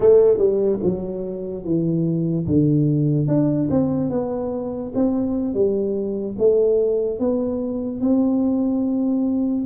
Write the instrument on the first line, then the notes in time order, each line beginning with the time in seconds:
tuba
0.00 A3
0.38 G3
0.83 F#3
1.64 E3
2.47 D3
3.27 D4
3.70 C4
4.10 B3
4.94 C4
5.53 G3
6.38 A3
7.19 B3
8.01 C4